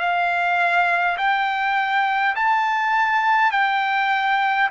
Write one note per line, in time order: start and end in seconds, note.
0.00 1.18 F5
1.18 2.35 G5
2.36 3.52 A5
3.52 4.70 G5